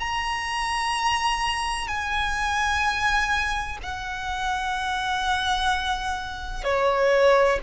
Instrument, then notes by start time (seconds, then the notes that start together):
violin
0.00 A#5
1.88 G#5
3.84 F#5
6.65 C#5